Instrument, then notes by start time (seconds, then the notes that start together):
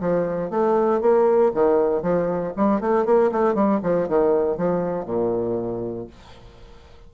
bassoon
0.00 F3
0.50 A3
1.01 A#3
1.54 D#3
2.02 F3
2.56 G3
2.80 A3
3.05 A#3
3.31 A3
3.54 G3
3.83 F3
4.08 D#3
4.57 F3
5.05 A#2